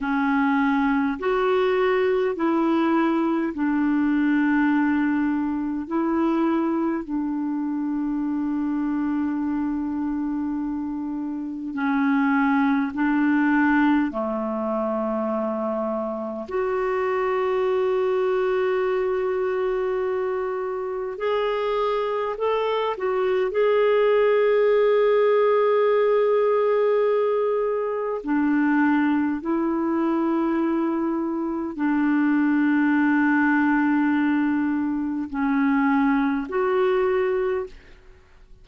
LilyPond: \new Staff \with { instrumentName = "clarinet" } { \time 4/4 \tempo 4 = 51 cis'4 fis'4 e'4 d'4~ | d'4 e'4 d'2~ | d'2 cis'4 d'4 | a2 fis'2~ |
fis'2 gis'4 a'8 fis'8 | gis'1 | d'4 e'2 d'4~ | d'2 cis'4 fis'4 | }